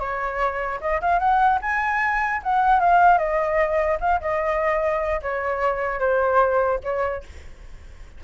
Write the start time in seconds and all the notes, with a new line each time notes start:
0.00 C#5
0.81 D#5
1.02 F5
1.20 F#5
1.62 G#5
2.44 F#5
2.81 F5
3.18 D#5
4.01 F5
4.21 D#5
5.22 C#5
6.00 C5
6.84 C#5